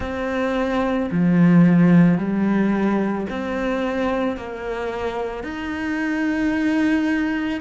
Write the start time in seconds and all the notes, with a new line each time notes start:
0.00 C4
1.11 F3
2.18 G3
3.29 C4
4.36 A#3
5.43 D#4